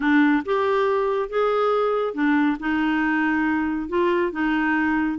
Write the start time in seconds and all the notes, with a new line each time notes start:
0.00 D4
0.45 G4
1.29 G#4
2.14 D4
2.59 D#4
3.88 F4
4.31 D#4